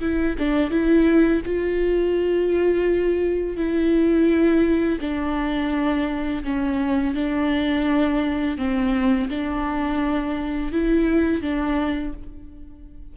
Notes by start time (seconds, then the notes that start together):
0.00 E4
0.38 D4
0.70 E4
1.45 F4
3.56 E4
5.01 D4
6.44 C#4
7.14 D4
8.57 C4
9.29 D4
10.72 E4
11.42 D4